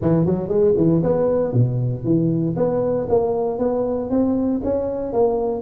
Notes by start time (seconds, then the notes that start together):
0.01 E3
0.25 F#3
0.48 G#3
0.76 E3
1.03 B3
1.52 B2
2.04 E3
2.56 B3
3.09 A#3
3.58 B3
4.10 C4
4.64 C#4
5.13 A#3